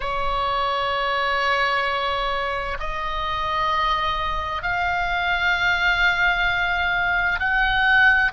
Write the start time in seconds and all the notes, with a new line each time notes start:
0.00 C#5
2.79 D#5
4.62 F5
7.39 F#5